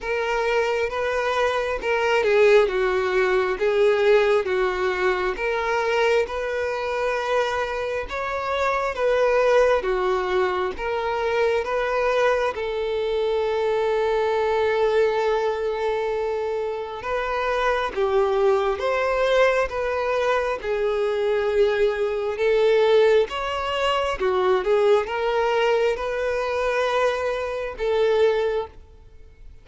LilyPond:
\new Staff \with { instrumentName = "violin" } { \time 4/4 \tempo 4 = 67 ais'4 b'4 ais'8 gis'8 fis'4 | gis'4 fis'4 ais'4 b'4~ | b'4 cis''4 b'4 fis'4 | ais'4 b'4 a'2~ |
a'2. b'4 | g'4 c''4 b'4 gis'4~ | gis'4 a'4 cis''4 fis'8 gis'8 | ais'4 b'2 a'4 | }